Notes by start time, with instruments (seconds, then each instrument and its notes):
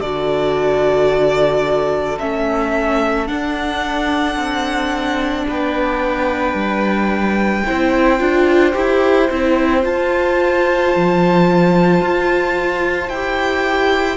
0.00 cello D3, viola F#4, violin A4 D5
2.19 cello A3, viola C#4, violin E5
3.27 viola D4, cello D4, violin F#5
4.36 cello C4
5.48 cello B3, violin B4 G5
6.54 cello G3
7.65 cello C4, viola E4, violin C5
8.19 cello D4, viola F4
8.73 cello E4, viola G4
9.30 cello C4, viola E4
9.82 viola F4, cello F4, violin A5
10.96 cello F3
12.01 cello F4
13.09 cello E4, viola G4, violin G5